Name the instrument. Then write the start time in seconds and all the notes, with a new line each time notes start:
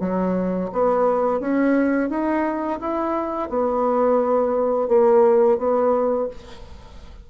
bassoon
0.00 F#3
0.72 B3
1.40 C#4
2.10 D#4
2.80 E4
3.49 B3
4.88 A#3
5.58 B3